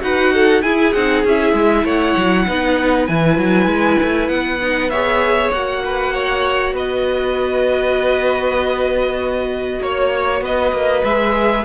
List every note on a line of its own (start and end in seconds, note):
0.00 0.62 D#4
0.00 0.61 F#4
0.00 0.33 B4
0.00 0.62 F#5
0.33 0.63 A4
0.62 0.93 E4
0.62 0.94 E4
0.62 1.84 G#4
0.62 0.92 G#5
0.92 1.23 C4
0.92 1.26 D#4
0.92 1.23 F#5
1.23 1.53 C#4
1.23 2.48 E4
1.23 1.86 E5
1.53 1.84 G#3
1.84 2.15 A3
1.84 2.45 C#5
1.84 3.07 F#5
2.17 2.47 F#3
2.46 3.08 B3
2.46 3.08 D#4
2.46 4.90 B4
3.07 3.37 E3
3.07 4.61 E4
3.07 4.28 G#5
3.37 3.66 F#3
3.66 3.96 G#3
4.02 4.28 A3
4.28 5.50 B3
4.28 4.89 F#5
4.61 4.91 D#4
4.89 5.53 G#4
4.89 5.82 C#5
4.89 5.50 E5
5.51 6.73 A#3
5.51 11.05 F#4
5.51 6.74 F#5
5.85 6.13 B4
6.13 6.73 C#5
6.73 9.79 B3
6.73 9.79 B4
6.73 9.82 D#5
9.80 10.41 A#3
9.80 10.43 C#5
10.41 10.71 B3
10.41 11.64 B4
10.41 11.03 D#5
10.72 11.02 A#3
11.03 11.64 G#3
11.03 11.64 G#4
11.03 11.64 E5